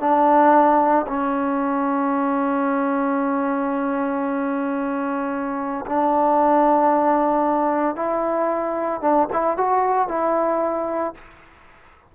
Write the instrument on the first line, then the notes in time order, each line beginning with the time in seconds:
trombone
0.00 D4
1.07 C#4
5.86 D4
7.95 E4
9.01 D4
9.33 E4
9.57 F#4
10.08 E4